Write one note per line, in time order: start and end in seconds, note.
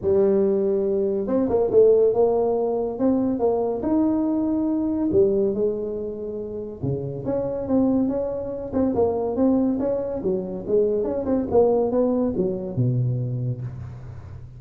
0.01 1.27 G3
1.27 1.48 C4
1.49 1.70 A#3
1.71 2.13 A3
2.13 2.98 A#3
2.98 3.39 C4
3.39 3.81 A#3
3.82 5.09 D#4
5.12 5.53 G3
5.53 6.81 G#3
6.82 7.25 C#3
7.25 7.67 C#4
7.67 8.08 C4
8.08 8.72 C#4
8.73 8.94 C4
8.94 9.35 A#3
9.35 9.78 C4
9.79 10.21 C#4
10.22 10.65 F#3
10.67 11.03 G#3
11.03 11.25 C#4
11.25 11.46 C4
11.50 11.91 A#3
11.91 12.33 B3
12.36 12.76 F#3
12.76 13.61 B2